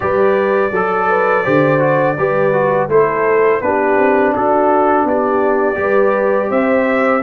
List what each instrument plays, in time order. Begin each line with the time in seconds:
0.00 tuba G3, trombone G4, horn B4, trumpet D5
0.71 tuba F#3, horn A4, trombone A4
1.09 horn B4
1.43 tuba D3, trombone G4, horn C5
1.78 trombone F#4
2.17 tuba G3, trombone G4, horn B4
2.52 trombone F#4
2.88 tuba A3, trombone E4, horn A4, trumpet C5
3.61 tuba B3, trombone D4, horn G4, trumpet B4
3.98 tuba C4
4.34 tuba D4, horn F#4, trumpet A4
5.04 tuba B3, horn G4, trumpet D5
5.75 tuba G3, trombone G4, horn B4
6.48 tuba C4, horn C5, trumpet E5